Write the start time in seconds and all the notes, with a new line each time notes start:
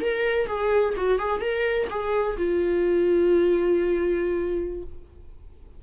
0.00 A#4
0.47 G#4
0.97 F#4
1.19 G#4
1.40 A#4
1.90 G#4
2.37 F4